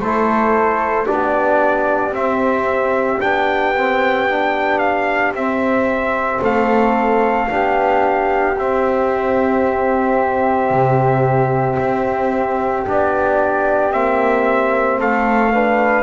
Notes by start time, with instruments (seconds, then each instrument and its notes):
0.00 double bass A3, trombone E4, flute A4, trumpet C5
1.05 trombone D4, flute G4, trumpet D5
1.11 double bass B3
2.12 double bass C4, trombone C4, trumpet E5
3.21 double bass B3, trombone D4, trumpet G5
3.78 trombone C4
4.29 trombone D4
4.79 trumpet F5
5.33 double bass C4, trombone C4, trumpet E5
6.42 double bass A3, flute A4, trumpet F5
7.49 double bass B3, trombone D4, flute G4
8.58 double bass C4, trombone C4, trumpet E5
10.71 double bass C3
11.80 double bass C4
12.86 double bass B3, trombone D4, trumpet D5
13.92 double bass A#3, trombone C4, trumpet E5
14.99 double bass A3, flute A4, trumpet F5
15.53 trombone D4, flute B4